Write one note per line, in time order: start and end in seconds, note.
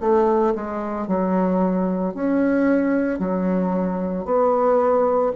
0.00 0.54 A3
0.55 1.07 G#3
1.07 2.14 F#3
2.14 3.19 C#4
3.19 4.25 F#3
4.25 5.32 B3